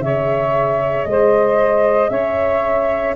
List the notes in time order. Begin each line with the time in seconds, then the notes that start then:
0.00 C#3 G#4 C#5 E5
1.04 G#3 C5 D#5
2.09 C#4 C#5 E5